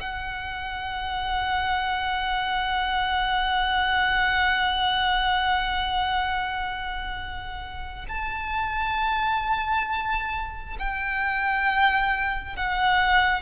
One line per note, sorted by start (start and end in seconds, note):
0.00 8.06 F#5
8.08 10.77 A5
10.79 12.56 G5
12.56 13.42 F#5